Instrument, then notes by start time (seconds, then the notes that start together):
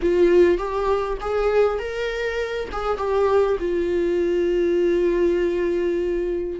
viola
0.01 F4
0.58 G4
1.21 G#4
1.78 A#4
2.72 G#4
2.97 G4
3.59 F4